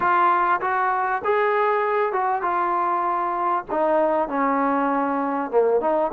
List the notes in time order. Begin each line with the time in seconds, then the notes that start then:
0.00 F4
0.60 F#4
1.24 G#4
2.12 F#4
2.42 F4
3.70 D#4
4.28 C#4
5.50 A#3
5.80 D#4